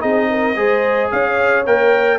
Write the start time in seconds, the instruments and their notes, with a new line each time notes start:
0.00 tuba C4, trombone D#4, horn G#4, trumpet D#5
0.30 horn A#4
0.55 tuba G#3, trombone G#4, horn C5
1.11 tuba C#4, horn C#5, trumpet F5
1.66 tuba A#3, trombone A#4, trumpet G5